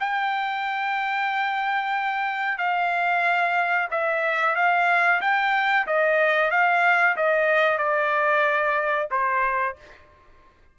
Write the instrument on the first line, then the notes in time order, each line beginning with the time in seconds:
trumpet
0.00 G5
2.58 F5
3.91 E5
4.56 F5
5.21 G5
5.87 D#5
6.51 F5
7.16 D#5
7.78 D5
9.11 C5